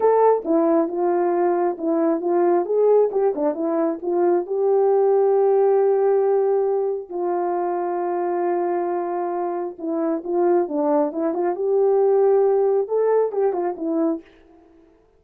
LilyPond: \new Staff \with { instrumentName = "horn" } { \time 4/4 \tempo 4 = 135 a'4 e'4 f'2 | e'4 f'4 gis'4 g'8 d'8 | e'4 f'4 g'2~ | g'1 |
f'1~ | f'2 e'4 f'4 | d'4 e'8 f'8 g'2~ | g'4 a'4 g'8 f'8 e'4 | }